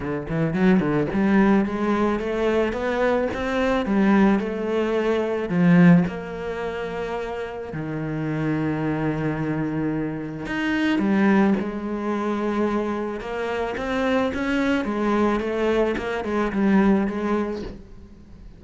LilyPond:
\new Staff \with { instrumentName = "cello" } { \time 4/4 \tempo 4 = 109 d8 e8 fis8 d8 g4 gis4 | a4 b4 c'4 g4 | a2 f4 ais4~ | ais2 dis2~ |
dis2. dis'4 | g4 gis2. | ais4 c'4 cis'4 gis4 | a4 ais8 gis8 g4 gis4 | }